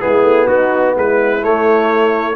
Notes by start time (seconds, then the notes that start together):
0.00 G#3 B3 E4 G#4
0.23 A3
0.47 B3 D#4 F#4
0.94 G#3 E4 B4
1.42 A3 C#5